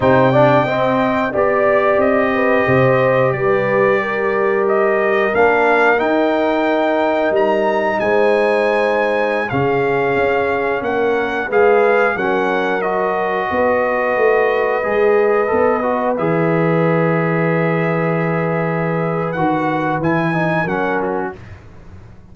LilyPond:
<<
  \new Staff \with { instrumentName = "trumpet" } { \time 4/4 \tempo 4 = 90 g''2 d''4 dis''4~ | dis''4 d''2 dis''4 | f''4 g''2 ais''4 | gis''2~ gis''16 f''4.~ f''16~ |
f''16 fis''4 f''4 fis''4 dis''8.~ | dis''1~ | dis''16 e''2.~ e''8.~ | e''4 fis''4 gis''4 fis''8 fis'8 | }
  \new Staff \with { instrumentName = "horn" } { \time 4/4 c''8 d''8 dis''4 d''4. b'8 | c''4 b'4 ais'2~ | ais'1 | c''2~ c''16 gis'4.~ gis'16~ |
gis'16 ais'4 b'4 ais'4.~ ais'16~ | ais'16 b'2.~ b'8.~ | b'1~ | b'2. ais'4 | }
  \new Staff \with { instrumentName = "trombone" } { \time 4/4 dis'8 d'8 c'4 g'2~ | g'1 | d'4 dis'2.~ | dis'2~ dis'16 cis'4.~ cis'16~ |
cis'4~ cis'16 gis'4 cis'4 fis'8.~ | fis'2~ fis'16 gis'4 a'8 fis'16~ | fis'16 gis'2.~ gis'8.~ | gis'4 fis'4 e'8 dis'8 cis'4 | }
  \new Staff \with { instrumentName = "tuba" } { \time 4/4 c4 c'4 b4 c'4 | c4 g2. | ais4 dis'2 g4 | gis2~ gis16 cis4 cis'8.~ |
cis'16 ais4 gis4 fis4.~ fis16~ | fis16 b4 a4 gis4 b8.~ | b16 e2.~ e8.~ | e4 dis4 e4 fis4 | }
>>